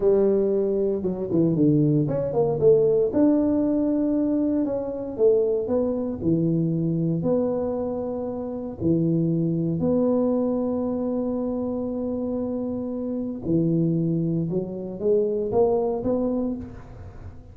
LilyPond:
\new Staff \with { instrumentName = "tuba" } { \time 4/4 \tempo 4 = 116 g2 fis8 e8 d4 | cis'8 ais8 a4 d'2~ | d'4 cis'4 a4 b4 | e2 b2~ |
b4 e2 b4~ | b1~ | b2 e2 | fis4 gis4 ais4 b4 | }